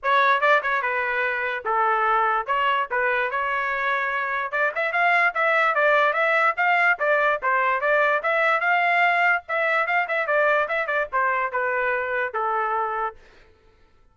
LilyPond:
\new Staff \with { instrumentName = "trumpet" } { \time 4/4 \tempo 4 = 146 cis''4 d''8 cis''8 b'2 | a'2 cis''4 b'4 | cis''2. d''8 e''8 | f''4 e''4 d''4 e''4 |
f''4 d''4 c''4 d''4 | e''4 f''2 e''4 | f''8 e''8 d''4 e''8 d''8 c''4 | b'2 a'2 | }